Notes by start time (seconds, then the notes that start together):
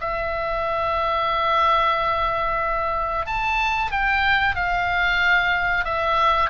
0.00 E5
3.26 A5
3.91 G5
4.55 F5
5.85 E5